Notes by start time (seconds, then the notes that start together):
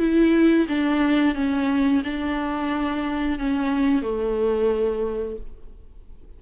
0.00 E4
0.69 D4
1.35 C#4
2.05 D4
3.39 C#4
4.02 A3